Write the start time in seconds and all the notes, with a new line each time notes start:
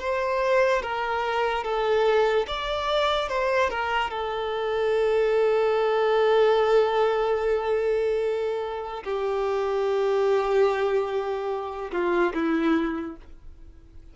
0.00 C5
0.82 A#4
1.64 A4
2.47 D5
3.28 C5
3.69 A#4
4.10 A4
9.04 G4
11.92 F4
12.34 E4